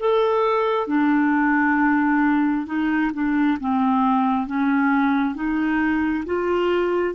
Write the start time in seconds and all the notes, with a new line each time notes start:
0.00 A4
0.88 D4
2.67 D#4
3.14 D4
3.60 C4
4.47 C#4
5.35 D#4
6.26 F4